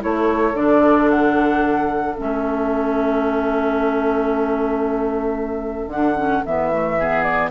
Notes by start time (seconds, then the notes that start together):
0.00 A3 E4 A4 C#5
0.54 D3 D4 D5
1.10 F#5
2.15 A3 C#4 E5
5.87 D3 D4 F#5
6.16 C#4
6.45 E3 B3 E5
6.72 A3
6.99 B3 G#4
7.22 D5